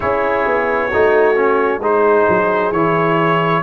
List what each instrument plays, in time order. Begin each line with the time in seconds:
0.00 tuba C#4, trombone E4, horn G#4, trumpet C#5
0.47 tuba B3
0.88 tuba A3, trombone D#4, horn F#4
1.35 trombone C#4
1.78 tuba G#3, trombone D#4, horn G#4, trumpet C5
2.29 tuba F#3
2.71 tuba E3, trombone E4, trumpet C#5